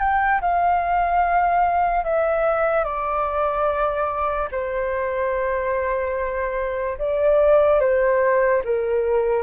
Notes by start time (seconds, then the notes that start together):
0.00 G5
0.41 F5
2.05 E5
2.85 D5
4.52 C5
6.99 D5
7.81 C5
8.65 A#4